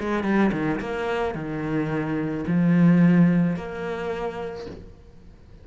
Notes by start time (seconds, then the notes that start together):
0.00 G#3
0.23 G3
0.52 D#3
0.80 A#3
1.35 D#3
2.47 F3
3.56 A#3